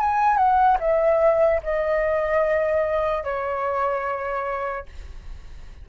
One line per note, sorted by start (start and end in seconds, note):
0.00 0.36 G#5
0.36 0.77 F#5
0.80 1.61 E5
1.63 3.24 D#5
3.24 4.86 C#5